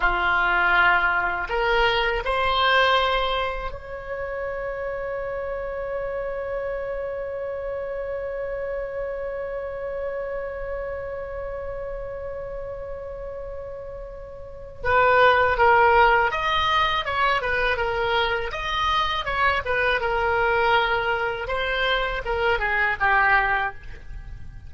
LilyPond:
\new Staff \with { instrumentName = "oboe" } { \time 4/4 \tempo 4 = 81 f'2 ais'4 c''4~ | c''4 cis''2.~ | cis''1~ | cis''1~ |
cis''1 | b'4 ais'4 dis''4 cis''8 b'8 | ais'4 dis''4 cis''8 b'8 ais'4~ | ais'4 c''4 ais'8 gis'8 g'4 | }